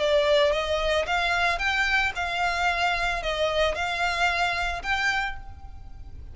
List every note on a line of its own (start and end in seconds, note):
0.00 0.53 D5
0.53 1.06 D#5
1.07 1.59 F5
1.59 2.13 G5
2.16 3.23 F5
3.23 3.75 D#5
3.75 4.83 F5
4.83 5.36 G5